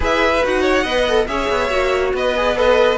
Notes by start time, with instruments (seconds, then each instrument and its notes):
0.00 cello E4, viola G#4, violin B4 E5
0.44 cello D#4, viola F#4, violin F#5
0.62 violin C#5
0.83 cello B3, viola B4, violin D#5
1.08 viola A4
1.27 cello C#4, viola G#4, violin C#5 E5
1.49 cello B3
1.70 cello A#3, viola F#4
2.13 cello B3, violin B4 D#5
2.36 viola G#4
2.55 viola A4, violin B4 D#5